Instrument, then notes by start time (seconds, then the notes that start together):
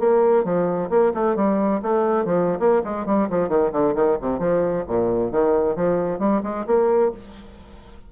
bassoon
0.00 A#3
0.45 F3
0.90 A#3
1.15 A3
1.36 G3
1.83 A3
2.26 F3
2.60 A#3
2.85 G#3
3.06 G3
3.30 F3
3.49 D#3
3.73 D3
3.96 D#3
4.22 C3
4.40 F3
4.88 A#2
5.32 D#3
5.76 F3
6.20 G3
6.43 G#3
6.67 A#3